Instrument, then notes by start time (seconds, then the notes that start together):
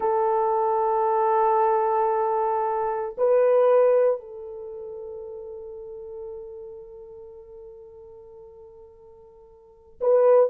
horn
0.00 A4
3.17 B4
4.20 A4
10.00 B4